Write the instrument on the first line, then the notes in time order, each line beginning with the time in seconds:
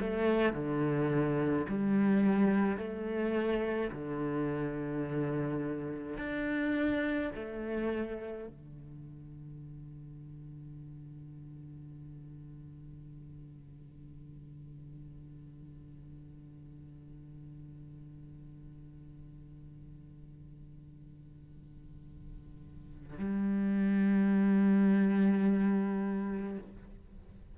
cello
0.00 A3
0.52 D3
1.68 G3
2.77 A3
3.92 D3
6.17 D4
7.35 A3
8.48 D3
23.18 G3